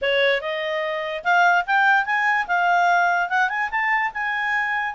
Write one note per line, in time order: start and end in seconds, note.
0.01 0.41 C#5
0.41 1.23 D#5
1.23 1.65 F5
1.66 2.05 G5
2.05 2.46 G#5
2.47 3.29 F5
3.29 3.49 F#5
3.49 3.69 G#5
3.70 4.11 A5
4.13 4.94 G#5